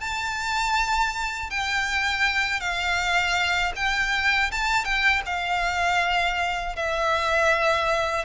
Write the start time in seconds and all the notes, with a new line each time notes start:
0.00 A5
1.50 G5
2.60 F5
3.76 G5
4.51 A5
4.84 G5
5.25 F5
6.75 E5